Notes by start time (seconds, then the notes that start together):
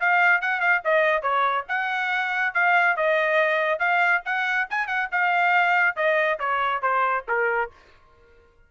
0.00 F5
0.41 F#5
0.60 F5
0.84 D#5
1.22 C#5
1.68 F#5
2.54 F5
2.96 D#5
3.79 F5
4.25 F#5
4.70 G#5
4.87 F#5
5.12 F5
5.96 D#5
6.39 C#5
6.82 C5
7.28 A#4